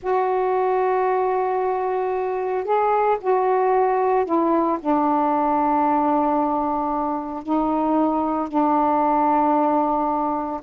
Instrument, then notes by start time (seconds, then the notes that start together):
saxophone
0.02 F#4
2.64 G#4
3.20 F#4
4.25 E4
4.80 D4
7.43 D#4
8.48 D4